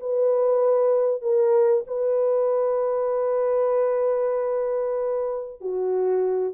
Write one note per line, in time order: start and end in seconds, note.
0.00 1.22 B4
1.22 1.84 A#4
1.87 5.61 B4
5.61 6.54 F#4